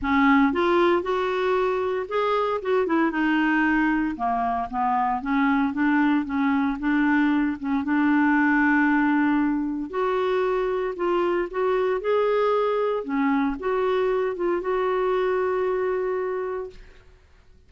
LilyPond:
\new Staff \with { instrumentName = "clarinet" } { \time 4/4 \tempo 4 = 115 cis'4 f'4 fis'2 | gis'4 fis'8 e'8 dis'2 | ais4 b4 cis'4 d'4 | cis'4 d'4. cis'8 d'4~ |
d'2. fis'4~ | fis'4 f'4 fis'4 gis'4~ | gis'4 cis'4 fis'4. f'8 | fis'1 | }